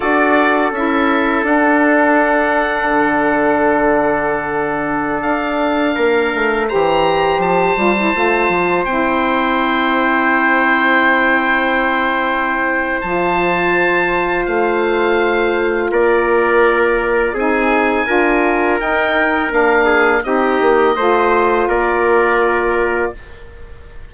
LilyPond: <<
  \new Staff \with { instrumentName = "oboe" } { \time 4/4 \tempo 4 = 83 d''4 e''4 fis''2~ | fis''2.~ fis''16 f''8.~ | f''4~ f''16 ais''4 a''4.~ a''16~ | a''16 g''2.~ g''8.~ |
g''2 a''2 | f''2 d''2 | gis''2 g''4 f''4 | dis''2 d''2 | }
  \new Staff \with { instrumentName = "trumpet" } { \time 4/4 a'1~ | a'1~ | a'16 ais'4 c''2~ c''8.~ | c''1~ |
c''1~ | c''2 ais'2 | gis'4 ais'2~ ais'8 gis'8 | g'4 c''4 ais'2 | }
  \new Staff \with { instrumentName = "saxophone" } { \time 4/4 fis'4 e'4 d'2~ | d'1~ | d'4~ d'16 g'4. f'16 e'16 f'8.~ | f'16 e'2.~ e'8.~ |
e'2 f'2~ | f'1 | dis'4 f'4 dis'4 d'4 | dis'4 f'2. | }
  \new Staff \with { instrumentName = "bassoon" } { \time 4/4 d'4 cis'4 d'2 | d2.~ d16 d'8.~ | d'16 ais8 a8 e4 f8 g8 a8 f16~ | f16 c'2.~ c'8.~ |
c'2 f2 | a2 ais2 | c'4 d'4 dis'4 ais4 | c'8 ais8 a4 ais2 | }
>>